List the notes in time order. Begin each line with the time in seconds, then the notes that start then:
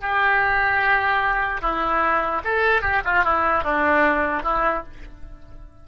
0.00 G4
1.61 E4
2.44 A4
2.81 G4
3.04 F4
3.24 E4
3.63 D4
4.43 E4